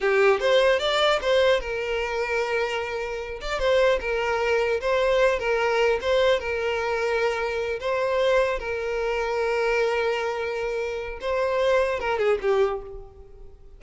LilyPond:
\new Staff \with { instrumentName = "violin" } { \time 4/4 \tempo 4 = 150 g'4 c''4 d''4 c''4 | ais'1~ | ais'8 d''8 c''4 ais'2 | c''4. ais'4. c''4 |
ais'2.~ ais'8 c''8~ | c''4. ais'2~ ais'8~ | ais'1 | c''2 ais'8 gis'8 g'4 | }